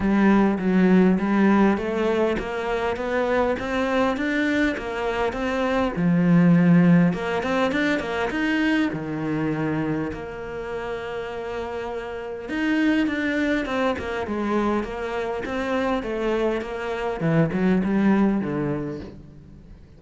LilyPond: \new Staff \with { instrumentName = "cello" } { \time 4/4 \tempo 4 = 101 g4 fis4 g4 a4 | ais4 b4 c'4 d'4 | ais4 c'4 f2 | ais8 c'8 d'8 ais8 dis'4 dis4~ |
dis4 ais2.~ | ais4 dis'4 d'4 c'8 ais8 | gis4 ais4 c'4 a4 | ais4 e8 fis8 g4 d4 | }